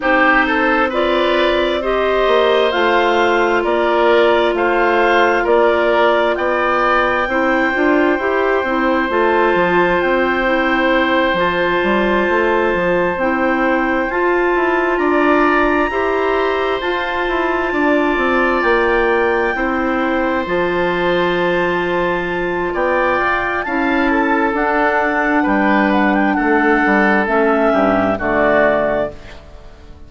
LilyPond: <<
  \new Staff \with { instrumentName = "clarinet" } { \time 4/4 \tempo 4 = 66 c''4 d''4 dis''4 f''4 | d''4 f''4 d''4 g''4~ | g''2 a''4 g''4~ | g''8 a''2 g''4 a''8~ |
a''8 ais''2 a''4.~ | a''8 g''2 a''4.~ | a''4 g''4 a''4 fis''4 | g''8 fis''16 g''16 fis''4 e''4 d''4 | }
  \new Staff \with { instrumentName = "oboe" } { \time 4/4 g'8 a'8 b'4 c''2 | ais'4 c''4 ais'4 d''4 | c''1~ | c''1~ |
c''8 d''4 c''2 d''8~ | d''4. c''2~ c''8~ | c''4 d''4 f''8 a'4. | b'4 a'4. g'8 fis'4 | }
  \new Staff \with { instrumentName = "clarinet" } { \time 4/4 dis'4 f'4 g'4 f'4~ | f'1 | e'8 f'8 g'8 e'8 f'4. e'8~ | e'8 f'2 e'4 f'8~ |
f'4. g'4 f'4.~ | f'4. e'4 f'4.~ | f'2 e'4 d'4~ | d'2 cis'4 a4 | }
  \new Staff \with { instrumentName = "bassoon" } { \time 4/4 c'2~ c'8 ais8 a4 | ais4 a4 ais4 b4 | c'8 d'8 e'8 c'8 a8 f8 c'4~ | c'8 f8 g8 a8 f8 c'4 f'8 |
e'8 d'4 e'4 f'8 e'8 d'8 | c'8 ais4 c'4 f4.~ | f4 b8 f'8 cis'4 d'4 | g4 a8 g8 a8 g,8 d4 | }
>>